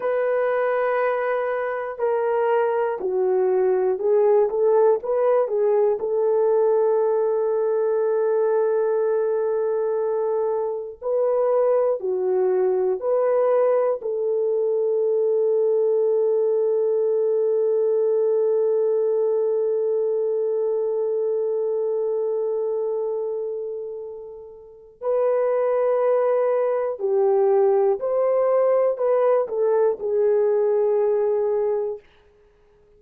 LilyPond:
\new Staff \with { instrumentName = "horn" } { \time 4/4 \tempo 4 = 60 b'2 ais'4 fis'4 | gis'8 a'8 b'8 gis'8 a'2~ | a'2. b'4 | fis'4 b'4 a'2~ |
a'1~ | a'1~ | a'4 b'2 g'4 | c''4 b'8 a'8 gis'2 | }